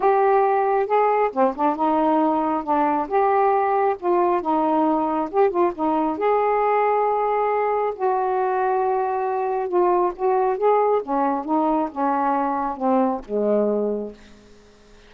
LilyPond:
\new Staff \with { instrumentName = "saxophone" } { \time 4/4 \tempo 4 = 136 g'2 gis'4 c'8 d'8 | dis'2 d'4 g'4~ | g'4 f'4 dis'2 | g'8 f'8 dis'4 gis'2~ |
gis'2 fis'2~ | fis'2 f'4 fis'4 | gis'4 cis'4 dis'4 cis'4~ | cis'4 c'4 gis2 | }